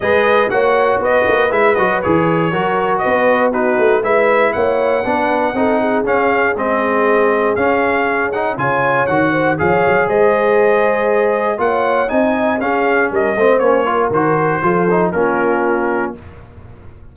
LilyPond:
<<
  \new Staff \with { instrumentName = "trumpet" } { \time 4/4 \tempo 4 = 119 dis''4 fis''4 dis''4 e''8 dis''8 | cis''2 dis''4 b'4 | e''4 fis''2. | f''4 dis''2 f''4~ |
f''8 fis''8 gis''4 fis''4 f''4 | dis''2. fis''4 | gis''4 f''4 dis''4 cis''4 | c''2 ais'2 | }
  \new Staff \with { instrumentName = "horn" } { \time 4/4 b'4 cis''4 b'2~ | b'4 ais'4 b'4 fis'4 | b'4 cis''4 b'4 a'8 gis'8~ | gis'1~ |
gis'4 cis''4. c''8 cis''4 | c''2. cis''4 | dis''4 gis'4 ais'8 c''4 ais'8~ | ais'4 a'4 f'2 | }
  \new Staff \with { instrumentName = "trombone" } { \time 4/4 gis'4 fis'2 e'8 fis'8 | gis'4 fis'2 dis'4 | e'2 d'4 dis'4 | cis'4 c'2 cis'4~ |
cis'8 dis'8 f'4 fis'4 gis'4~ | gis'2. f'4 | dis'4 cis'4. c'8 cis'8 f'8 | fis'4 f'8 dis'8 cis'2 | }
  \new Staff \with { instrumentName = "tuba" } { \time 4/4 gis4 ais4 b8 ais8 gis8 fis8 | e4 fis4 b4. a8 | gis4 ais4 b4 c'4 | cis'4 gis2 cis'4~ |
cis'4 cis4 dis4 f8 fis8 | gis2. ais4 | c'4 cis'4 g8 a8 ais4 | dis4 f4 ais2 | }
>>